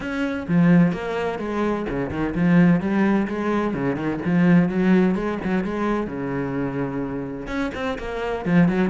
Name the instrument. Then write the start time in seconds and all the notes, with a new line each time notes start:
cello
0.00 C#4
0.48 F3
0.92 A#3
1.38 G#3
1.89 C#3
2.10 D#3
2.34 F3
2.80 G3
3.27 G#3
3.74 C#3
3.96 D#3
4.25 F3
4.68 F#3
5.15 G#3
5.44 F#3
5.64 G#3
6.07 C#3
7.47 C#4
7.74 C4
7.98 A#3
8.45 F3
8.68 F#3